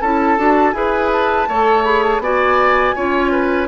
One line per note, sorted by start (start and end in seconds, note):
0.00 0.37 C#4
0.00 0.37 E4
0.00 0.74 A4
0.00 0.72 A5
0.37 0.73 D4
0.37 0.73 F#4
0.72 1.46 E4
0.72 1.46 G#4
0.72 1.48 B4
0.72 1.09 G#5
1.12 1.84 A5
1.48 2.19 A3
1.48 1.84 A4
1.48 2.21 C#5
1.84 2.21 G#4
1.84 2.03 B5
2.03 2.21 A5
2.19 2.92 B3
2.19 2.95 F#4
2.19 2.95 D5
2.19 3.67 G#5
2.95 3.67 C#4
2.95 3.67 F4
2.95 3.31 C#5
3.31 3.67 B4